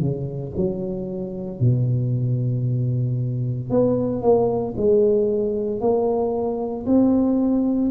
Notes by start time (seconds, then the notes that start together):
0.00 C#3
0.56 F#3
1.60 B2
3.70 B3
4.22 A#3
4.77 G#3
5.80 A#3
6.86 C4